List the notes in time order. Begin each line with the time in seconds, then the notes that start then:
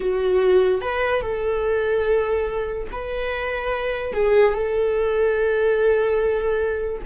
0.00 F#4
0.81 B4
1.21 A4
2.91 B4
4.13 G#4
4.53 A4